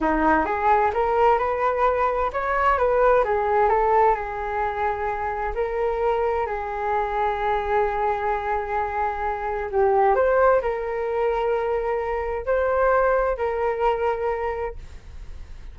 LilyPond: \new Staff \with { instrumentName = "flute" } { \time 4/4 \tempo 4 = 130 dis'4 gis'4 ais'4 b'4~ | b'4 cis''4 b'4 gis'4 | a'4 gis'2. | ais'2 gis'2~ |
gis'1~ | gis'4 g'4 c''4 ais'4~ | ais'2. c''4~ | c''4 ais'2. | }